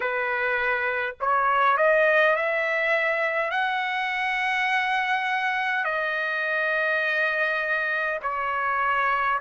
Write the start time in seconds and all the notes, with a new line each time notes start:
0.00 B4
1.20 C#5
1.77 D#5
2.35 E5
3.50 F#5
5.84 D#5
8.22 C#5